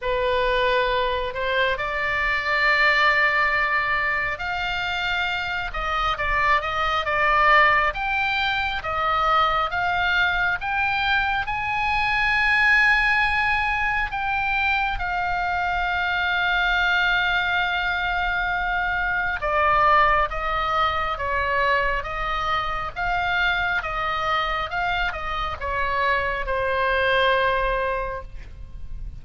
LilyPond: \new Staff \with { instrumentName = "oboe" } { \time 4/4 \tempo 4 = 68 b'4. c''8 d''2~ | d''4 f''4. dis''8 d''8 dis''8 | d''4 g''4 dis''4 f''4 | g''4 gis''2. |
g''4 f''2.~ | f''2 d''4 dis''4 | cis''4 dis''4 f''4 dis''4 | f''8 dis''8 cis''4 c''2 | }